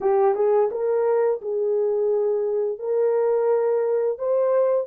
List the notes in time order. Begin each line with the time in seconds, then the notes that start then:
0.00 G4
0.35 G#4
0.71 A#4
1.41 G#4
2.78 A#4
4.18 C5